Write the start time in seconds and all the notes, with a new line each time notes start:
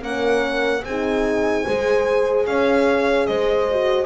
0.00 A#3 C#4 A#4 F#5
0.84 C4 D#4 G#4 G#5
1.66 G#3 G#4 C5
2.46 C#4 C#5 F5
3.27 G#3 C5 D#5
3.71 F#4